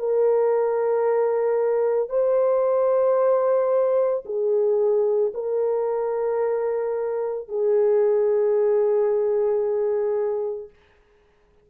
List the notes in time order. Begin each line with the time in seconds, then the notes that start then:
0.00 A#4
2.10 C5
4.26 G#4
5.34 A#4
7.49 G#4